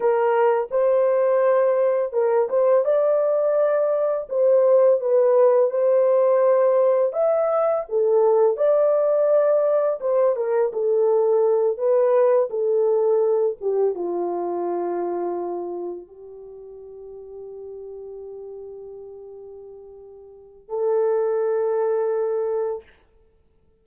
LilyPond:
\new Staff \with { instrumentName = "horn" } { \time 4/4 \tempo 4 = 84 ais'4 c''2 ais'8 c''8 | d''2 c''4 b'4 | c''2 e''4 a'4 | d''2 c''8 ais'8 a'4~ |
a'8 b'4 a'4. g'8 f'8~ | f'2~ f'8 g'4.~ | g'1~ | g'4 a'2. | }